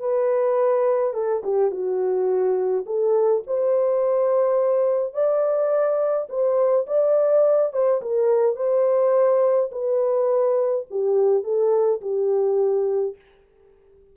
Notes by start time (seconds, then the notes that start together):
0.00 B4
1.14 A4
1.44 G4
1.71 F#4
2.86 A4
3.47 C5
5.14 D5
6.29 C5
6.87 D5
7.73 C5
8.02 A#4
8.57 C5
9.72 B4
10.91 G4
11.44 A4
12.02 G4